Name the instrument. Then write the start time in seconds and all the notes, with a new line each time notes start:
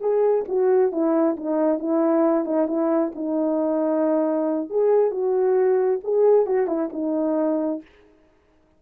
horn
0.00 G#4
0.48 F#4
0.92 E4
1.36 D#4
1.79 E4
2.45 D#4
2.67 E4
3.15 D#4
4.69 G#4
5.11 F#4
6.04 G#4
6.46 F#4
6.67 E4
6.93 D#4